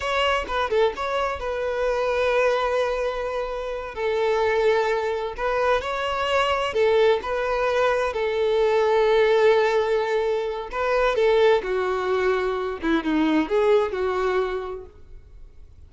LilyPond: \new Staff \with { instrumentName = "violin" } { \time 4/4 \tempo 4 = 129 cis''4 b'8 a'8 cis''4 b'4~ | b'1~ | b'8 a'2. b'8~ | b'8 cis''2 a'4 b'8~ |
b'4. a'2~ a'8~ | a'2. b'4 | a'4 fis'2~ fis'8 e'8 | dis'4 gis'4 fis'2 | }